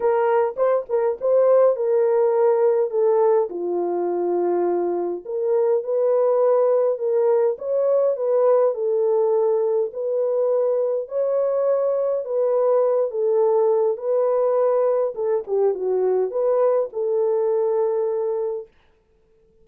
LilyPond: \new Staff \with { instrumentName = "horn" } { \time 4/4 \tempo 4 = 103 ais'4 c''8 ais'8 c''4 ais'4~ | ais'4 a'4 f'2~ | f'4 ais'4 b'2 | ais'4 cis''4 b'4 a'4~ |
a'4 b'2 cis''4~ | cis''4 b'4. a'4. | b'2 a'8 g'8 fis'4 | b'4 a'2. | }